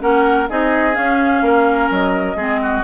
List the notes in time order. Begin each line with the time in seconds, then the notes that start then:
0.00 A#3 C#4 A#4 F#5
0.50 C4 D#4 G#4 D#5
0.94 C#4 F5
1.42 A#3 A#4
1.91 F#3 D#5
2.36 G#3 C4 G#4
2.63 F#4